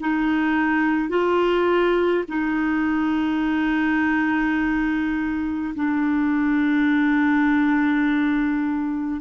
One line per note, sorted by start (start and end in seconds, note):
0.00 1.09 D#4
1.09 2.24 F4
2.28 5.74 D#4
5.74 9.20 D4